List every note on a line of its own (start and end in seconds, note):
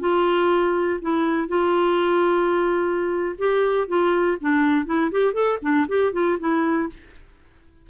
0.00 1.00 F4
1.01 1.48 E4
1.48 3.36 F4
3.38 3.88 G4
3.88 4.38 F4
4.41 4.86 D4
4.86 5.11 E4
5.11 5.33 G4
5.33 5.58 A4
5.62 5.87 D4
5.88 6.13 G4
6.13 6.38 F4
6.39 6.89 E4